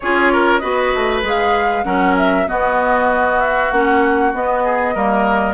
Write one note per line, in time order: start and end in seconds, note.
0.00 0.62 C#4
0.00 0.61 F4
0.00 0.32 G#4
0.00 0.58 C#5
0.32 0.60 A#4
0.58 0.93 B3
0.58 1.23 F#4
0.58 1.84 B4
0.58 1.20 D#5
0.94 1.22 A3
1.22 1.84 G#3
1.22 1.84 G#4
1.22 1.84 F5
1.84 2.47 F#3
1.84 2.45 C#4
1.84 2.47 A#4
1.84 2.15 F#5
2.17 2.48 E5
2.46 3.70 B3
2.46 3.71 B3
2.46 4.64 F#4
2.46 3.40 D#5
3.40 3.70 E5
3.70 4.33 A#3
3.70 4.33 C#4
3.70 4.32 F#5
4.33 4.95 B3
4.33 4.94 B3
4.33 5.53 D#5
4.64 4.94 G#4
4.94 5.53 G3
4.94 5.53 A#3
4.94 5.53 A#4